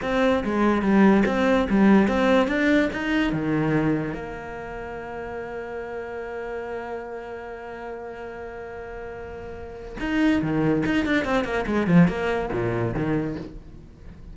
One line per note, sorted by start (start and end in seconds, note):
0.02 0.43 C4
0.44 0.82 G#3
0.82 1.23 G3
1.25 1.67 C4
1.69 2.08 G3
2.08 2.47 C4
2.47 2.89 D4
2.92 3.32 D#4
3.32 4.13 D#3
4.13 9.96 A#3
9.99 10.41 D#4
10.42 10.83 D#3
10.85 11.05 D#4
11.05 11.24 D4
11.24 11.44 C4
11.44 11.65 A#3
11.66 11.87 G#3
11.87 12.08 F3
12.08 12.49 A#3
12.52 12.94 A#2
12.94 13.35 D#3